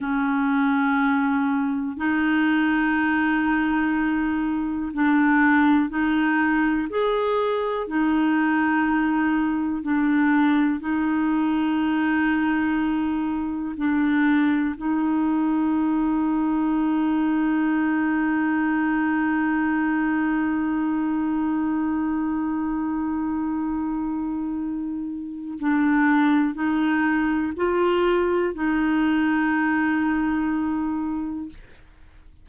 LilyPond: \new Staff \with { instrumentName = "clarinet" } { \time 4/4 \tempo 4 = 61 cis'2 dis'2~ | dis'4 d'4 dis'4 gis'4 | dis'2 d'4 dis'4~ | dis'2 d'4 dis'4~ |
dis'1~ | dis'1~ | dis'2 d'4 dis'4 | f'4 dis'2. | }